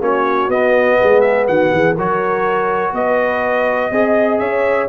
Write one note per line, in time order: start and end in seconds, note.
0.00 0.48 A#3
0.00 0.49 C#4
0.00 0.98 F#4
0.00 0.50 C#5
0.48 0.97 B3
0.48 1.95 B3
0.48 1.21 D#5
0.99 1.48 G#3
0.99 1.48 G#4
1.21 1.45 E5
1.47 1.73 D#3
1.47 1.72 F#4
1.47 1.96 F#5
1.72 1.97 E3
1.72 1.94 G#4
1.94 2.92 F#3
1.94 3.92 F#4
1.94 2.92 A#4
1.94 2.94 C#5
2.92 3.90 B3
2.92 3.92 B4
2.92 4.39 D#5
3.91 4.39 C4
3.91 4.88 G#4
3.91 4.40 D#5
4.39 4.88 C#4
4.39 4.88 C#5
4.39 4.87 E5